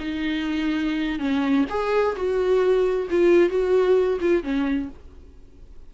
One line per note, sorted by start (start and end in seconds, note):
0.00 1.20 D#4
1.20 1.66 C#4
1.70 2.16 G#4
2.17 3.08 F#4
3.11 3.50 F4
3.50 4.19 F#4
4.21 4.43 F4
4.43 4.89 C#4